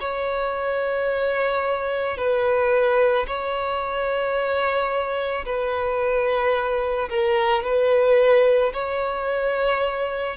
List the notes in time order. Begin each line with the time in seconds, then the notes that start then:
0.00 C#5
2.17 B4
3.27 C#5
5.45 B4
7.10 A#4
7.64 B4
8.73 C#5